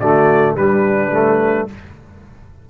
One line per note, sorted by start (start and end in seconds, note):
0.00 0.55 D3
0.00 0.58 A3
0.00 0.56 F#4
0.00 0.56 D5
0.55 1.68 G3
0.55 1.12 G3
0.55 1.70 D4
0.55 1.69 B4
1.12 1.68 A3